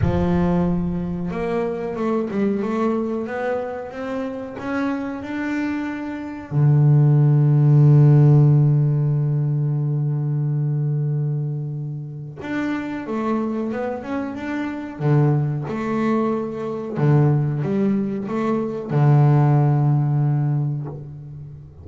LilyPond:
\new Staff \with { instrumentName = "double bass" } { \time 4/4 \tempo 4 = 92 f2 ais4 a8 g8 | a4 b4 c'4 cis'4 | d'2 d2~ | d1~ |
d2. d'4 | a4 b8 cis'8 d'4 d4 | a2 d4 g4 | a4 d2. | }